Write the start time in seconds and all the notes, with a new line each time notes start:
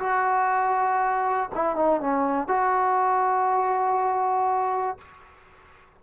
0.00 F#4
1.55 E4
1.76 D#4
2.01 C#4
2.48 F#4